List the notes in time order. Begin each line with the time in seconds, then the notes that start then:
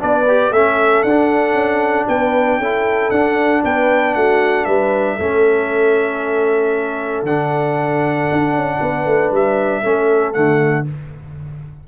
0.00 B3 D4 B4 D5
0.28 G4
0.51 A3 C#4 A4 E5
1.03 D4 F#5
1.09 D4
1.53 C#4
2.08 B3 B4 G5
2.58 C#4 E4 A4
3.10 D4 F#5
3.64 B3 B4 G5
4.15 A3 F#4 F#5
4.65 G3 B4 E5
5.15 A3 C#4 A4
7.23 D3 D4 F#5
8.32 D4
8.53 C#4
8.81 B3 B4
9.06 A3
9.32 G3 E5
9.82 A3 C#4 A4
10.33 D3 A3 F#5